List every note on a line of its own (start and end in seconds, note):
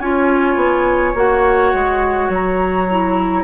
0.00 0.56 C#4
0.00 1.15 F4
0.00 3.44 C#5
0.00 1.15 G#5
0.56 1.14 B3
1.15 1.73 A#3
1.15 2.88 F#4
1.15 2.33 F#5
1.74 2.29 G#3
2.29 3.44 F#3
2.29 3.44 A#5
2.90 3.44 E4